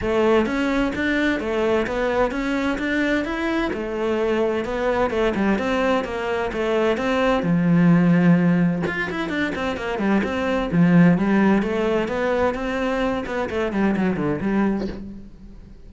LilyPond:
\new Staff \with { instrumentName = "cello" } { \time 4/4 \tempo 4 = 129 a4 cis'4 d'4 a4 | b4 cis'4 d'4 e'4 | a2 b4 a8 g8 | c'4 ais4 a4 c'4 |
f2. f'8 e'8 | d'8 c'8 ais8 g8 c'4 f4 | g4 a4 b4 c'4~ | c'8 b8 a8 g8 fis8 d8 g4 | }